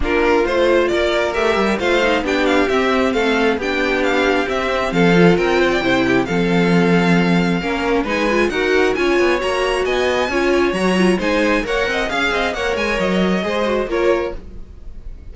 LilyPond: <<
  \new Staff \with { instrumentName = "violin" } { \time 4/4 \tempo 4 = 134 ais'4 c''4 d''4 e''4 | f''4 g''8 f''8 e''4 f''4 | g''4 f''4 e''4 f''4 | g''2 f''2~ |
f''2 gis''4 fis''4 | gis''4 ais''4 gis''2 | ais''4 gis''4 fis''4 f''4 | fis''8 gis''8 dis''2 cis''4 | }
  \new Staff \with { instrumentName = "violin" } { \time 4/4 f'2 ais'2 | c''4 g'2 a'4 | g'2. a'4 | ais'8 c''16 d''16 c''8 g'8 a'2~ |
a'4 ais'4 b'4 ais'4 | cis''2 dis''4 cis''4~ | cis''4 c''4 cis''8 dis''8 f''8 dis''8 | cis''2 c''4 ais'4 | }
  \new Staff \with { instrumentName = "viola" } { \time 4/4 d'4 f'2 g'4 | f'8 dis'8 d'4 c'2 | d'2 c'4. f'8~ | f'4 e'4 c'2~ |
c'4 cis'4 dis'8 f'8 fis'4 | f'4 fis'2 f'4 | fis'8 f'8 dis'4 ais'4 gis'4 | ais'2 gis'8 fis'8 f'4 | }
  \new Staff \with { instrumentName = "cello" } { \time 4/4 ais4 a4 ais4 a8 g8 | a4 b4 c'4 a4 | b2 c'4 f4 | c'4 c4 f2~ |
f4 ais4 gis4 dis'4 | cis'8 b8 ais4 b4 cis'4 | fis4 gis4 ais8 c'8 cis'8 c'8 | ais8 gis8 fis4 gis4 ais4 | }
>>